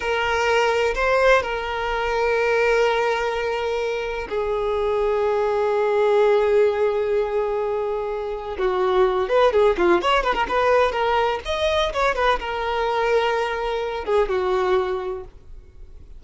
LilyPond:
\new Staff \with { instrumentName = "violin" } { \time 4/4 \tempo 4 = 126 ais'2 c''4 ais'4~ | ais'1~ | ais'4 gis'2.~ | gis'1~ |
gis'2 fis'4. b'8 | gis'8 f'8 cis''8 b'16 ais'16 b'4 ais'4 | dis''4 cis''8 b'8 ais'2~ | ais'4. gis'8 fis'2 | }